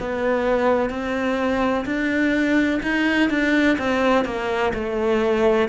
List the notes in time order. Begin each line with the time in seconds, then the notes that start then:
0.00 B3
0.90 C4
1.86 D4
2.83 D#4
3.30 D4
3.78 C4
4.26 A#3
4.74 A3